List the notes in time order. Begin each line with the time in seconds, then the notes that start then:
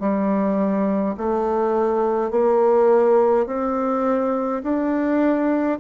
0.00 G3
1.17 A3
2.31 A#3
3.47 C4
4.64 D4